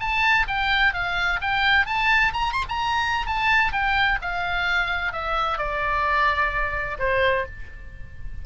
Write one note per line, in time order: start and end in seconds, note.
0.00 0.47 A5
0.48 0.93 G5
0.93 1.40 F5
1.41 1.86 G5
1.86 2.33 A5
2.33 2.53 A#5
2.53 2.64 C6
2.69 3.26 A#5
3.26 3.72 A5
3.72 4.19 G5
4.22 5.13 F5
5.13 5.58 E5
5.58 6.97 D5
6.99 7.45 C5